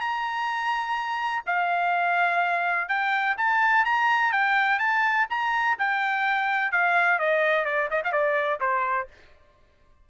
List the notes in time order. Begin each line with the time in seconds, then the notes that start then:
0.00 A#5
1.46 F5
2.89 G5
3.37 A5
3.85 A#5
4.32 G5
4.79 A5
5.29 A#5
5.78 G5
6.72 F5
7.19 D#5
7.65 D5
7.90 D#5
8.04 F5
8.12 D5
8.60 C5